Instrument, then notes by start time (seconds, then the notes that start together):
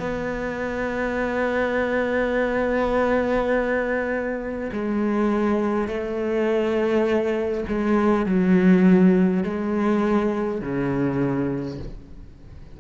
cello
0.00 B3
4.73 G#3
5.88 A3
7.68 G#3
8.26 F#3
9.44 G#3
10.61 C#3